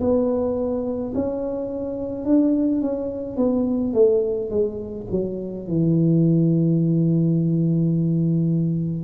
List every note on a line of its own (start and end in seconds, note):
0.00 1.13 B3
1.14 2.25 C#4
2.25 2.81 D4
2.81 3.36 C#4
3.36 3.93 B3
3.93 4.50 A3
4.50 5.06 G#3
5.11 5.67 F#3
5.67 9.04 E3